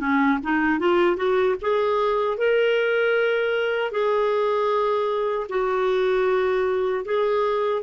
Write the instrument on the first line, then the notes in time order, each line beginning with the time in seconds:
clarinet
0.00 C#4
0.43 D#4
0.80 F4
1.17 F#4
1.62 G#4
2.38 A#4
3.92 G#4
5.49 F#4
7.06 G#4